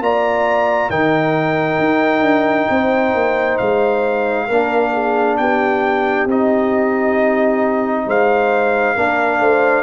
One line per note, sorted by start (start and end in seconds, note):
0.00 0.90 A#3
0.00 0.91 F4
0.00 0.90 D5
0.00 0.91 A#5
0.90 1.79 D#3
0.90 4.49 D#4
0.90 2.69 A#4
0.90 3.58 G5
1.79 2.21 D#4
2.21 2.66 D4
2.70 3.15 C4
2.70 4.47 C5
3.15 3.59 A#3
3.58 4.50 G#3
3.58 5.37 F5
4.47 5.39 A#3
4.47 6.28 D4
4.47 4.92 A#4
4.93 5.38 G#4
5.37 6.26 B3
5.37 8.06 G4
5.37 6.27 G5
6.26 8.05 C4
6.26 8.97 D#4
6.26 8.09 D#5
8.06 8.96 G#3
8.06 8.95 C5
8.06 9.83 F5
8.95 9.40 A#3
8.95 9.83 D4
8.95 9.40 A#4
9.40 9.83 A3
9.40 9.83 C5